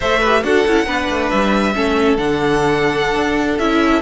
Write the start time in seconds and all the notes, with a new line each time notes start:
0.00 A3 A4 C5 E5
0.20 G4 B4
0.43 D4 F#4 A4 F#5
0.67 C#4 E4
0.86 B3 D4 B4
1.09 A3
1.29 G3 E5
1.74 A3 C#4 A4
2.17 D3 D4 F#5
3.15 D4
3.58 C#4 E4 E5